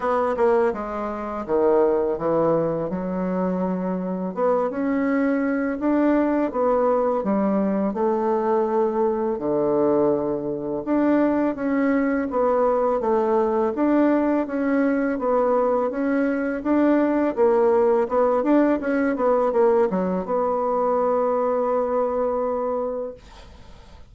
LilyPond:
\new Staff \with { instrumentName = "bassoon" } { \time 4/4 \tempo 4 = 83 b8 ais8 gis4 dis4 e4 | fis2 b8 cis'4. | d'4 b4 g4 a4~ | a4 d2 d'4 |
cis'4 b4 a4 d'4 | cis'4 b4 cis'4 d'4 | ais4 b8 d'8 cis'8 b8 ais8 fis8 | b1 | }